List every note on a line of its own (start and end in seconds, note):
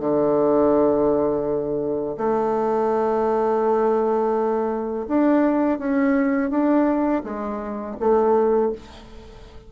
0.00 2.17 D3
2.18 5.07 A3
5.08 5.79 D4
5.79 6.51 C#4
6.51 7.23 D4
7.24 7.96 G#3
8.00 8.73 A3